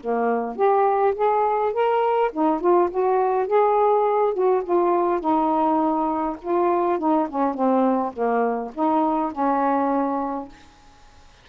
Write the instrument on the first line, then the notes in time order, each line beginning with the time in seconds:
saxophone
0.00 A#3
0.56 G4
1.15 G#4
1.73 A#4
2.32 D#4
2.60 F4
2.90 F#4
3.47 G#4
4.33 F#4
4.64 F4
5.20 D#4
6.42 F4
6.98 D#4
7.29 C#4
7.54 C4
8.13 A#3
8.74 D#4
9.32 C#4